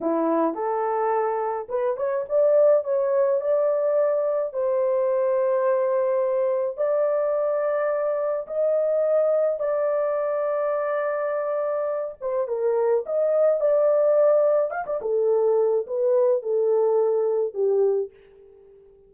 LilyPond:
\new Staff \with { instrumentName = "horn" } { \time 4/4 \tempo 4 = 106 e'4 a'2 b'8 cis''8 | d''4 cis''4 d''2 | c''1 | d''2. dis''4~ |
dis''4 d''2.~ | d''4. c''8 ais'4 dis''4 | d''2 f''16 d''16 a'4. | b'4 a'2 g'4 | }